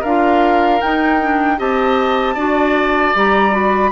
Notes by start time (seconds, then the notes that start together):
0.00 D4 A#4 F5
0.06 F4
0.80 D#4 G5
1.21 D4
1.58 C4 G4 D#5 A5
2.34 D4 F#4 D5
3.14 G3 G4 A#5
3.51 F#4 B5